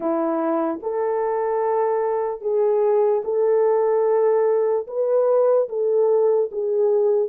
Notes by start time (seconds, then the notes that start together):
0.00 E4
0.82 A4
2.41 G#4
3.24 A4
4.87 B4
5.68 A4
6.51 G#4